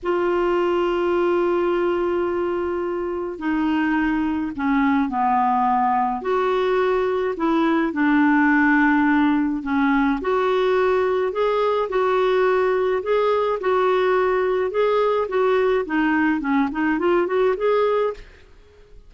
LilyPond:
\new Staff \with { instrumentName = "clarinet" } { \time 4/4 \tempo 4 = 106 f'1~ | f'2 dis'2 | cis'4 b2 fis'4~ | fis'4 e'4 d'2~ |
d'4 cis'4 fis'2 | gis'4 fis'2 gis'4 | fis'2 gis'4 fis'4 | dis'4 cis'8 dis'8 f'8 fis'8 gis'4 | }